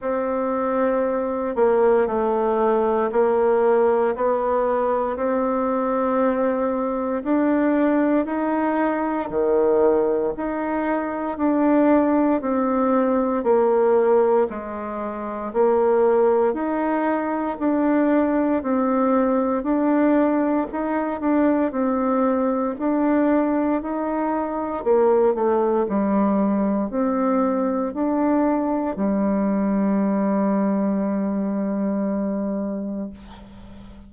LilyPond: \new Staff \with { instrumentName = "bassoon" } { \time 4/4 \tempo 4 = 58 c'4. ais8 a4 ais4 | b4 c'2 d'4 | dis'4 dis4 dis'4 d'4 | c'4 ais4 gis4 ais4 |
dis'4 d'4 c'4 d'4 | dis'8 d'8 c'4 d'4 dis'4 | ais8 a8 g4 c'4 d'4 | g1 | }